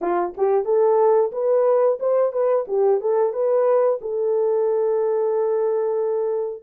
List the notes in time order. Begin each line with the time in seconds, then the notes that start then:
0.01 F4
0.37 G4
0.65 A4
1.32 B4
1.99 C5
2.32 B4
2.67 G4
3.00 A4
3.32 B4
4.01 A4